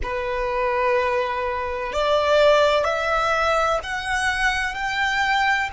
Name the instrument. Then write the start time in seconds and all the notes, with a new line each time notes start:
violin
0.03 B4
1.93 D5
2.84 E5
3.83 F#5
4.74 G5